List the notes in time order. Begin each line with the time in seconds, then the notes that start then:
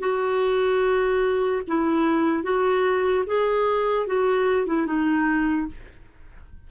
0.00 F#4
1.68 E4
2.44 F#4
3.27 G#4
4.07 F#4
4.67 E4
4.86 D#4